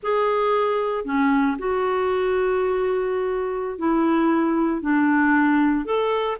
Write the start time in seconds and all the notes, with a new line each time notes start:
0.02 G#4
1.04 C#4
1.58 F#4
3.78 E4
4.81 D4
5.85 A4